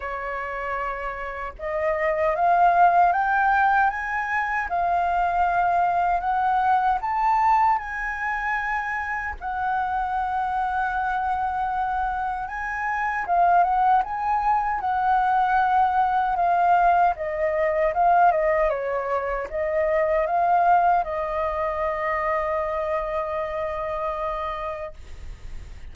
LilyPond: \new Staff \with { instrumentName = "flute" } { \time 4/4 \tempo 4 = 77 cis''2 dis''4 f''4 | g''4 gis''4 f''2 | fis''4 a''4 gis''2 | fis''1 |
gis''4 f''8 fis''8 gis''4 fis''4~ | fis''4 f''4 dis''4 f''8 dis''8 | cis''4 dis''4 f''4 dis''4~ | dis''1 | }